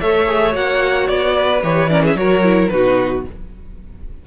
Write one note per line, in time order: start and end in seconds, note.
0.00 0.54 A3
0.00 0.26 A4
0.00 1.36 C#5
0.00 0.54 E5
0.26 0.52 G#4
0.52 1.08 A#3
0.52 1.60 F#4
0.52 1.07 F#5
1.07 1.63 B3
1.07 1.61 D5
1.36 1.90 B4
1.63 2.15 E3
1.63 1.89 G4
1.63 1.90 C#5
1.89 2.16 C#4
1.89 2.03 A#4
1.89 2.03 D5
2.03 2.16 G#4
2.03 2.16 E5
2.15 2.69 F#3
2.15 2.43 F#4
2.15 2.72 A#4
2.15 2.68 C#5
2.43 2.70 E4
2.68 3.24 B2
2.68 3.25 D#4
2.68 3.26 F#4
2.68 3.22 B4